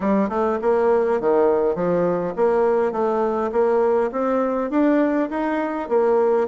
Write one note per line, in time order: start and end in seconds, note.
0.00 0.29 G3
0.29 0.58 A3
0.61 1.20 A#3
1.20 1.75 D#3
1.75 2.34 F3
2.36 2.92 A#3
2.92 3.51 A3
3.52 4.10 A#3
4.11 4.70 C4
4.70 5.29 D4
5.30 5.88 D#4
5.88 6.47 A#3